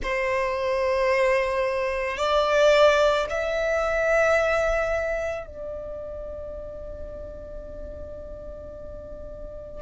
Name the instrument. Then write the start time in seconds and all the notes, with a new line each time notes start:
violin
0.02 C5
2.17 D5
3.29 E5
5.46 D5